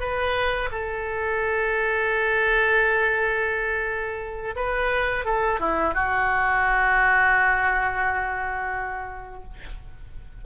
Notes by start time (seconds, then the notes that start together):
0.00 B4
0.72 A4
4.56 B4
5.25 A4
5.60 E4
5.95 F#4